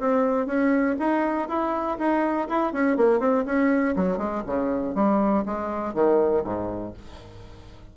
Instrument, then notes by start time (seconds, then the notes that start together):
bassoon
0.00 C4
0.47 C#4
1.00 D#4
1.49 E4
1.99 D#4
2.49 E4
2.73 C#4
2.97 A#3
3.20 C4
3.46 C#4
3.96 F#3
4.18 G#3
4.47 C#3
4.95 G3
5.46 G#3
5.94 D#3
6.44 G#2